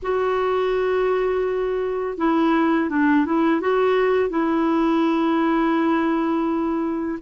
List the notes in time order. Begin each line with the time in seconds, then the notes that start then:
0.02 F#4
2.17 E4
2.89 D4
3.25 E4
3.60 F#4
4.29 E4